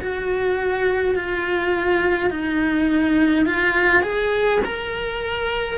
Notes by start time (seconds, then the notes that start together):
0.00 F#4
1.15 F4
2.30 D#4
3.46 F4
4.02 G#4
4.64 A#4